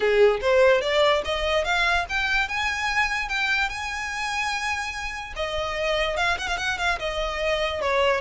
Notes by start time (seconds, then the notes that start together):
0.00 G#4
0.41 C5
0.81 D5
1.25 D#5
1.64 F5
2.09 G5
2.48 G#5
3.28 G5
3.69 G#5
5.36 D#5
6.16 F5
6.38 F#5
6.47 F5
6.57 F#5
6.78 F5
6.99 D#5
7.81 C#5